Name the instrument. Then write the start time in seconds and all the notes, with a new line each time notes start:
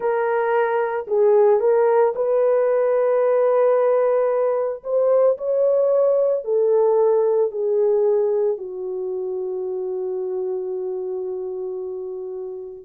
horn
0.00 A#4
1.07 G#4
1.60 A#4
2.15 B4
4.83 C5
5.37 C#5
6.44 A4
7.50 G#4
8.57 F#4